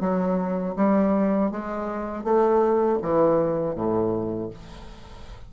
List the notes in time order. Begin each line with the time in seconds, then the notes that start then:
0.00 F#3
0.76 G3
1.51 G#3
2.24 A3
3.02 E3
3.75 A2